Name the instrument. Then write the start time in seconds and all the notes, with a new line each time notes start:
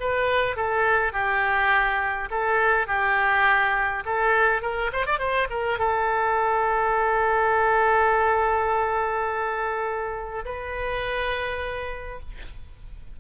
oboe
0.00 B4
0.56 A4
1.13 G4
2.30 A4
2.87 G4
4.05 A4
4.62 A#4
4.93 C5
5.06 D5
5.19 C5
5.50 A#4
5.79 A4
10.45 B4